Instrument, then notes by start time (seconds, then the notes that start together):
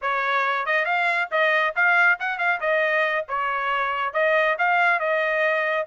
trumpet
0.01 C#5
0.66 D#5
0.85 F5
1.31 D#5
1.75 F5
2.19 F#5
2.38 F5
2.60 D#5
3.28 C#5
4.13 D#5
4.58 F5
4.99 D#5